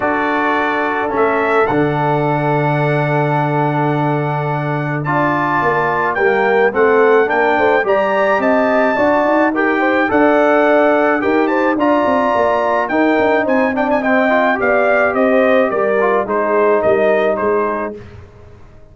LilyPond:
<<
  \new Staff \with { instrumentName = "trumpet" } { \time 4/4 \tempo 4 = 107 d''2 e''4 fis''4~ | fis''1~ | fis''4 a''2 g''4 | fis''4 g''4 ais''4 a''4~ |
a''4 g''4 fis''2 | g''8 a''8 ais''2 g''4 | gis''8 g''16 gis''16 g''4 f''4 dis''4 | d''4 c''4 dis''4 c''4 | }
  \new Staff \with { instrumentName = "horn" } { \time 4/4 a'1~ | a'1~ | a'4 d''2 ais'4 | a'4 ais'8 c''8 d''4 dis''4 |
d''4 ais'8 c''8 d''2 | ais'8 c''8 d''2 ais'4 | c''8 d''8 dis''4 d''4 c''4 | ais'4 gis'4 ais'4 gis'4 | }
  \new Staff \with { instrumentName = "trombone" } { \time 4/4 fis'2 cis'4 d'4~ | d'1~ | d'4 f'2 ais4 | c'4 d'4 g'2 |
fis'4 g'4 a'2 | g'4 f'2 dis'4~ | dis'8 d'8 c'8 f'8 g'2~ | g'8 f'8 dis'2. | }
  \new Staff \with { instrumentName = "tuba" } { \time 4/4 d'2 a4 d4~ | d1~ | d4 d'4 ais4 g4 | a4 ais8 a8 g4 c'4 |
d'8 dis'4. d'2 | dis'4 d'8 c'8 ais4 dis'8 d'8 | c'2 b4 c'4 | g4 gis4 g4 gis4 | }
>>